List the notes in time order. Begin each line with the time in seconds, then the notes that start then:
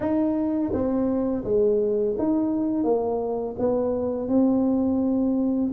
0.00 D#4
0.72 C4
1.44 G#3
2.18 D#4
2.84 A#3
3.58 B3
4.28 C4